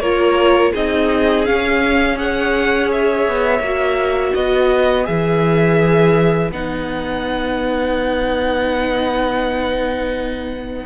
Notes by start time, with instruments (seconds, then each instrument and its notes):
0.00 cello A#3, viola F4, violin A#4 C#5
0.73 cello C4, viola D#4, violin G#4 D#5
1.46 viola C#4, cello C#4, violin F5
2.17 viola G#4, violin C#5 F#5
2.92 violin E5
3.28 cello B3
3.60 cello A#3, viola F#4
4.34 cello B3, violin B4 D#5
5.05 cello E3, viola G#4, violin E5
6.52 cello B3, viola D#4, violin F#5